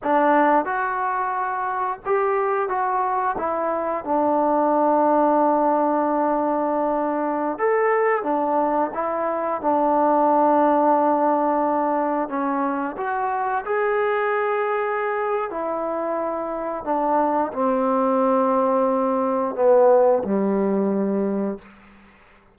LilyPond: \new Staff \with { instrumentName = "trombone" } { \time 4/4 \tempo 4 = 89 d'4 fis'2 g'4 | fis'4 e'4 d'2~ | d'2.~ d'16 a'8.~ | a'16 d'4 e'4 d'4.~ d'16~ |
d'2~ d'16 cis'4 fis'8.~ | fis'16 gis'2~ gis'8. e'4~ | e'4 d'4 c'2~ | c'4 b4 g2 | }